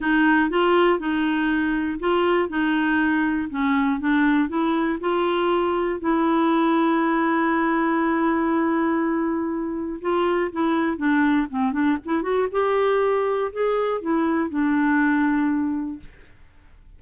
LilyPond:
\new Staff \with { instrumentName = "clarinet" } { \time 4/4 \tempo 4 = 120 dis'4 f'4 dis'2 | f'4 dis'2 cis'4 | d'4 e'4 f'2 | e'1~ |
e'1 | f'4 e'4 d'4 c'8 d'8 | e'8 fis'8 g'2 gis'4 | e'4 d'2. | }